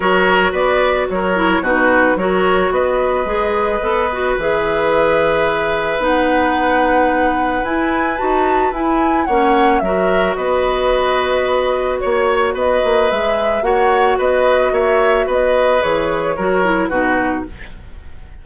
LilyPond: <<
  \new Staff \with { instrumentName = "flute" } { \time 4/4 \tempo 4 = 110 cis''4 d''4 cis''4 b'4 | cis''4 dis''2. | e''2. fis''4~ | fis''2 gis''4 a''4 |
gis''4 fis''4 e''4 dis''4~ | dis''2 cis''4 dis''4 | e''4 fis''4 dis''4 e''4 | dis''4 cis''2 b'4 | }
  \new Staff \with { instrumentName = "oboe" } { \time 4/4 ais'4 b'4 ais'4 fis'4 | ais'4 b'2.~ | b'1~ | b'1~ |
b'4 cis''4 ais'4 b'4~ | b'2 cis''4 b'4~ | b'4 cis''4 b'4 cis''4 | b'2 ais'4 fis'4 | }
  \new Staff \with { instrumentName = "clarinet" } { \time 4/4 fis'2~ fis'8 e'8 dis'4 | fis'2 gis'4 a'8 fis'8 | gis'2. dis'4~ | dis'2 e'4 fis'4 |
e'4 cis'4 fis'2~ | fis'1 | gis'4 fis'2.~ | fis'4 gis'4 fis'8 e'8 dis'4 | }
  \new Staff \with { instrumentName = "bassoon" } { \time 4/4 fis4 b4 fis4 b,4 | fis4 b4 gis4 b4 | e2. b4~ | b2 e'4 dis'4 |
e'4 ais4 fis4 b4~ | b2 ais4 b8 ais8 | gis4 ais4 b4 ais4 | b4 e4 fis4 b,4 | }
>>